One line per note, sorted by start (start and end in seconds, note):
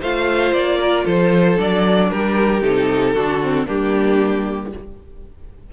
0.00 0.52 A3
0.00 1.56 F4
0.00 0.78 C5
0.00 0.54 F5
0.52 1.04 A#3
0.52 1.06 D5
0.80 1.04 A#4
1.04 1.58 F3
1.04 2.09 A4
1.04 1.59 C5
1.56 2.12 F#3
1.56 2.60 D4
1.56 2.10 D5
2.10 2.62 G3
2.10 3.14 G4
2.10 2.62 A#4
2.62 3.14 C3
2.62 3.15 D#4
2.62 3.67 A4
3.14 3.67 D3
3.14 3.42 D4
3.14 3.66 F#4
3.42 3.66 C4
3.66 4.73 G3
3.66 4.71 A#3
3.66 4.71 D4
3.66 4.72 G4